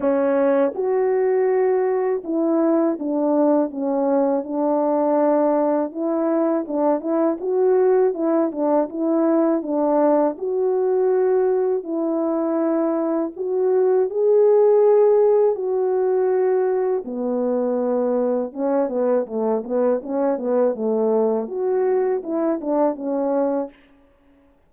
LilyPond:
\new Staff \with { instrumentName = "horn" } { \time 4/4 \tempo 4 = 81 cis'4 fis'2 e'4 | d'4 cis'4 d'2 | e'4 d'8 e'8 fis'4 e'8 d'8 | e'4 d'4 fis'2 |
e'2 fis'4 gis'4~ | gis'4 fis'2 b4~ | b4 cis'8 b8 a8 b8 cis'8 b8 | a4 fis'4 e'8 d'8 cis'4 | }